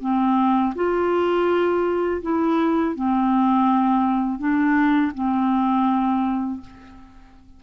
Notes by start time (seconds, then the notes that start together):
0.00 C4
0.75 F4
2.22 E4
2.95 C4
4.38 D4
5.14 C4